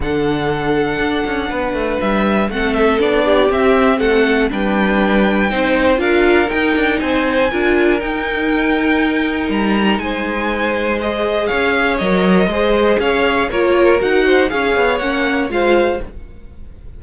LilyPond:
<<
  \new Staff \with { instrumentName = "violin" } { \time 4/4 \tempo 4 = 120 fis''1 | e''4 fis''8 e''8 d''4 e''4 | fis''4 g''2. | f''4 g''4 gis''2 |
g''2. ais''4 | gis''2 dis''4 f''4 | dis''2 f''4 cis''4 | fis''4 f''4 fis''4 f''4 | }
  \new Staff \with { instrumentName = "violin" } { \time 4/4 a'2. b'4~ | b'4 a'4. g'4. | a'4 b'2 c''4 | ais'2 c''4 ais'4~ |
ais'1 | c''2. cis''4~ | cis''4 c''4 cis''4 ais'4~ | ais'8 c''8 cis''2 c''4 | }
  \new Staff \with { instrumentName = "viola" } { \time 4/4 d'1~ | d'4 c'4 d'4 c'4~ | c'4 d'2 dis'4 | f'4 dis'2 f'4 |
dis'1~ | dis'2 gis'2 | ais'4 gis'2 f'4 | fis'4 gis'4 cis'4 f'4 | }
  \new Staff \with { instrumentName = "cello" } { \time 4/4 d2 d'8 cis'8 b8 a8 | g4 a4 b4 c'4 | a4 g2 c'4 | d'4 dis'8 d'8 c'4 d'4 |
dis'2. g4 | gis2. cis'4 | fis4 gis4 cis'4 ais4 | dis'4 cis'8 b8 ais4 gis4 | }
>>